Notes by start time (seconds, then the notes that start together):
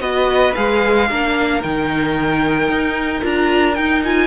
0.00 B3 F#4 B4 D#5
0.54 G#3 G#4 F5
1.09 A#3 D4 A#4
1.62 D#3 D#4 G5
2.68 D#4
3.21 D4 F4 A#5
3.74 D#4 G5
4.04 F4 G#5